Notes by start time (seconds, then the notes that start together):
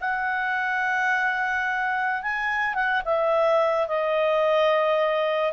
0.00 F#5
2.22 G#5
2.74 F#5
3.05 E5
3.87 D#5